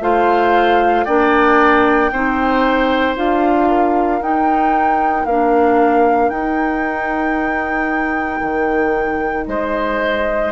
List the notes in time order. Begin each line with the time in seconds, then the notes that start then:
0.00 A3 F4 C5 F5
1.04 A#3 D4 D5 G5
2.11 C4 D#4 C5
3.15 D4 F4 F5
3.68 A#4
4.21 D#4 G5
5.25 A#3 D4 F5
6.29 D#4 G5
8.41 D#3
9.46 G#3 C5 D#5